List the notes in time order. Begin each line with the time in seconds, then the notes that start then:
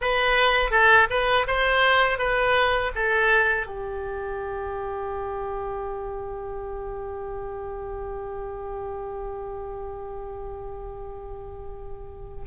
0.01 B4
0.71 A4
1.10 B4
1.47 C5
2.18 B4
2.95 A4
3.66 G4